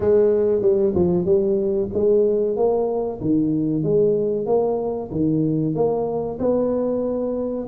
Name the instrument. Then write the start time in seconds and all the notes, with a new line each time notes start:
tuba
0.00 G#3
0.61 G3
0.95 F3
1.25 G3
1.93 G#3
2.56 A#3
3.21 D#3
3.83 G#3
4.46 A#3
5.11 D#3
5.74 A#3
6.39 B3